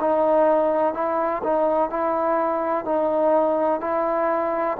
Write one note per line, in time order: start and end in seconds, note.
0.00 0.93 D#4
0.93 1.42 E4
1.43 1.90 D#4
1.90 2.85 E4
2.85 3.80 D#4
3.80 4.77 E4